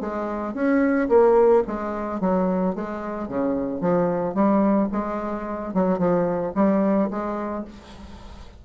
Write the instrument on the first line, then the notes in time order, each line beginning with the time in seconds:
bassoon
0.00 G#3
0.54 C#4
1.08 A#3
1.67 G#3
2.20 F#3
2.75 G#3
3.28 C#3
3.81 F3
4.34 G3
4.92 G#3
5.74 F#3
5.98 F3
6.55 G3
7.10 G#3